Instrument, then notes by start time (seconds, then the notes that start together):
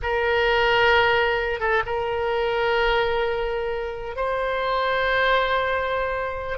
oboe
0.02 A#4
1.60 A4
1.86 A#4
4.16 C5